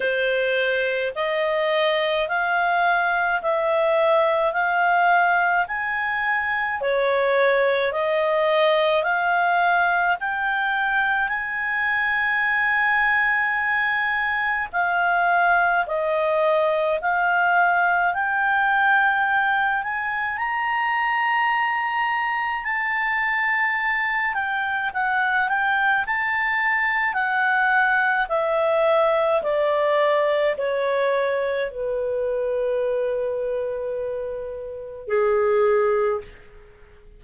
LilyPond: \new Staff \with { instrumentName = "clarinet" } { \time 4/4 \tempo 4 = 53 c''4 dis''4 f''4 e''4 | f''4 gis''4 cis''4 dis''4 | f''4 g''4 gis''2~ | gis''4 f''4 dis''4 f''4 |
g''4. gis''8 ais''2 | a''4. g''8 fis''8 g''8 a''4 | fis''4 e''4 d''4 cis''4 | b'2. gis'4 | }